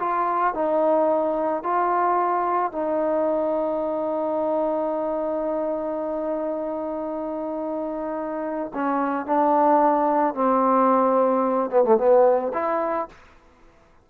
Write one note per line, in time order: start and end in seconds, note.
0.00 0.54 F4
0.54 1.63 D#4
1.63 2.72 F4
2.72 8.72 D#4
8.74 9.26 C#4
9.26 10.35 D4
10.35 11.71 C4
11.71 11.84 B3
11.84 11.98 A3
11.98 12.52 B3
12.54 13.09 E4